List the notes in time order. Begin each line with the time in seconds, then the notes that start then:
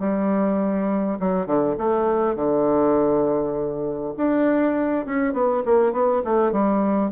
0.00 G3
1.20 F#3
1.47 D3
1.78 A3
2.36 D3
4.17 D4
5.06 C#4
5.33 B3
5.66 A#3
5.93 B3
6.25 A3
6.52 G3